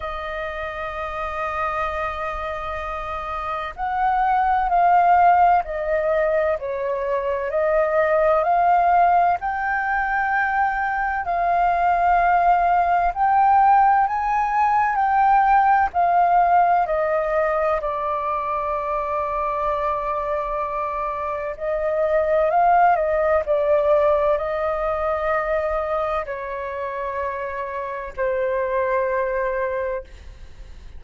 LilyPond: \new Staff \with { instrumentName = "flute" } { \time 4/4 \tempo 4 = 64 dis''1 | fis''4 f''4 dis''4 cis''4 | dis''4 f''4 g''2 | f''2 g''4 gis''4 |
g''4 f''4 dis''4 d''4~ | d''2. dis''4 | f''8 dis''8 d''4 dis''2 | cis''2 c''2 | }